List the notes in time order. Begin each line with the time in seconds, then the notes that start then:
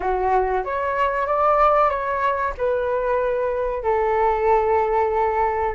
0.00 F#4
0.64 C#5
1.26 D5
1.89 C#5
2.57 B4
3.83 A4